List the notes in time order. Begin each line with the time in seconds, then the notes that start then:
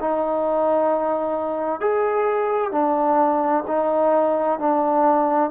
0.00 D#4
1.81 G#4
2.71 D4
3.68 D#4
4.59 D4